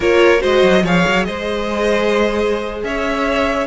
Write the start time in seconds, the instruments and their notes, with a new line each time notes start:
0.00 cello A#3, viola F4, violin A#4 C#5
0.39 cello G#3, viola F#4, violin C5 D#5
0.63 cello F#3
0.83 cello F3, viola G#4, violin C#5 F5
1.07 cello F#3
1.24 cello G#3, violin C5 D#5
2.83 cello C#4, violin C#5 E5